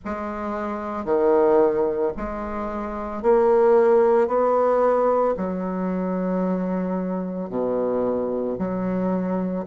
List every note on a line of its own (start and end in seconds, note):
0.04 1.05 G#3
1.05 2.12 D#3
2.16 3.22 G#3
3.22 4.27 A#3
4.27 5.34 B3
5.37 7.49 F#3
7.49 8.56 B2
8.58 9.65 F#3